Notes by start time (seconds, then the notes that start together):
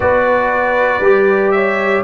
0.00 B3 F#4 B4 D5
1.00 G3 G4
1.51 C#5 E5